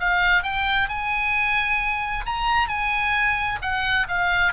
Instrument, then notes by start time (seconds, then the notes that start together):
oboe
0.00 F5
0.43 G5
0.89 G#5
2.26 A#5
2.69 G#5
3.62 F#5
4.08 F5